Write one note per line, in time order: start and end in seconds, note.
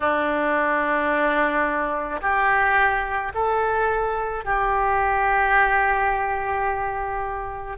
0.00 2.20 D4
2.21 3.32 G4
3.34 4.44 A4
4.44 7.77 G4